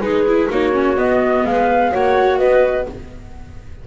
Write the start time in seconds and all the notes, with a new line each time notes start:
0.00 G#3 D#4 G#4 B4
0.27 E4
0.49 A#3 D#4 F#4 C#5
0.72 C#4
0.96 B3 D#5
1.45 G#3 B4 F5
1.91 A#3 F#4 C#5 F#5
2.38 B3 B4 D#5